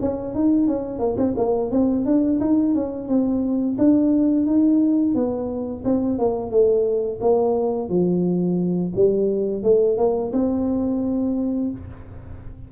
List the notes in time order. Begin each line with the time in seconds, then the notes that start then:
0.00 C#4
0.34 D#4
0.67 C#4
0.99 A#3
1.17 C4
1.36 A#3
1.71 C4
2.05 D4
2.40 D#4
2.74 C#4
3.08 C4
3.78 D4
4.46 D#4
5.14 B3
5.84 C4
6.18 A#3
6.50 A3
7.21 A#3
7.89 F3
8.95 G3
9.63 A3
9.97 A#3
10.32 C4